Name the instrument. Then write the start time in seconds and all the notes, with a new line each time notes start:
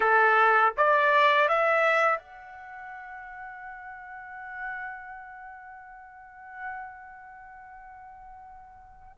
trumpet
0.00 A4
0.77 D5
1.48 E5
2.18 F#5